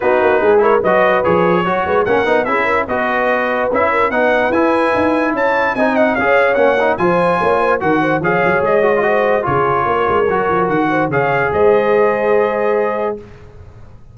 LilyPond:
<<
  \new Staff \with { instrumentName = "trumpet" } { \time 4/4 \tempo 4 = 146 b'4. cis''8 dis''4 cis''4~ | cis''4 fis''4 e''4 dis''4~ | dis''4 e''4 fis''4 gis''4~ | gis''4 a''4 gis''8 fis''8 f''4 |
fis''4 gis''2 fis''4 | f''4 dis''2 cis''4~ | cis''2 fis''4 f''4 | dis''1 | }
  \new Staff \with { instrumentName = "horn" } { \time 4/4 fis'4 gis'8 ais'8 b'2 | cis''8 b'8 ais'4 gis'8 ais'8 b'4~ | b'4. ais'8 b'2~ | b'4 cis''4 dis''4 cis''4~ |
cis''4 c''4 cis''8 c''8 ais'8 c''8 | cis''2 c''4 gis'4 | ais'2~ ais'8 c''8 cis''4 | c''1 | }
  \new Staff \with { instrumentName = "trombone" } { \time 4/4 dis'4. e'8 fis'4 gis'4 | fis'4 cis'8 dis'8 e'4 fis'4~ | fis'4 e'4 dis'4 e'4~ | e'2 dis'4 gis'4 |
cis'8 dis'8 f'2 fis'4 | gis'4. fis'16 f'16 fis'4 f'4~ | f'4 fis'2 gis'4~ | gis'1 | }
  \new Staff \with { instrumentName = "tuba" } { \time 4/4 b8 ais8 gis4 fis4 f4 | fis8 gis8 ais8 b8 cis'4 b4~ | b4 cis'4 b4 e'4 | dis'4 cis'4 c'4 cis'4 |
ais4 f4 ais4 dis4 | f8 fis8 gis2 cis4 | ais8 gis8 fis8 f8 dis4 cis4 | gis1 | }
>>